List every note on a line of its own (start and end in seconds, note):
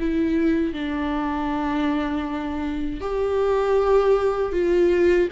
0.00 0.74 E4
0.74 3.01 D4
3.01 4.53 G4
4.53 5.29 F4